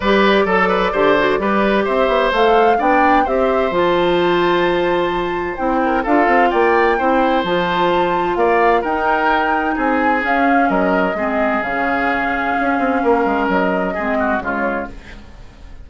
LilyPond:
<<
  \new Staff \with { instrumentName = "flute" } { \time 4/4 \tempo 4 = 129 d''1 | e''4 f''4 g''4 e''4 | a''1 | g''4 f''4 g''2 |
a''2 f''4 g''4~ | g''4 gis''4 f''4 dis''4~ | dis''4 f''2.~ | f''4 dis''2 cis''4 | }
  \new Staff \with { instrumentName = "oboe" } { \time 4/4 b'4 a'8 b'8 c''4 b'4 | c''2 d''4 c''4~ | c''1~ | c''8 ais'8 a'4 d''4 c''4~ |
c''2 d''4 ais'4~ | ais'4 gis'2 ais'4 | gis'1 | ais'2 gis'8 fis'8 f'4 | }
  \new Staff \with { instrumentName = "clarinet" } { \time 4/4 g'4 a'4 g'8 fis'8 g'4~ | g'4 a'4 d'4 g'4 | f'1 | e'4 f'2 e'4 |
f'2. dis'4~ | dis'2 cis'2 | c'4 cis'2.~ | cis'2 c'4 gis4 | }
  \new Staff \with { instrumentName = "bassoon" } { \time 4/4 g4 fis4 d4 g4 | c'8 b8 a4 b4 c'4 | f1 | c'4 d'8 c'8 ais4 c'4 |
f2 ais4 dis'4~ | dis'4 c'4 cis'4 fis4 | gis4 cis2 cis'8 c'8 | ais8 gis8 fis4 gis4 cis4 | }
>>